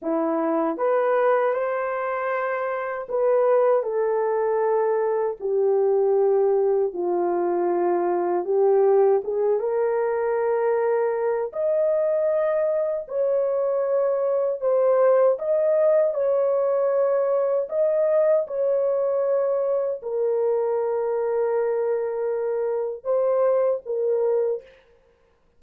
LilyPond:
\new Staff \with { instrumentName = "horn" } { \time 4/4 \tempo 4 = 78 e'4 b'4 c''2 | b'4 a'2 g'4~ | g'4 f'2 g'4 | gis'8 ais'2~ ais'8 dis''4~ |
dis''4 cis''2 c''4 | dis''4 cis''2 dis''4 | cis''2 ais'2~ | ais'2 c''4 ais'4 | }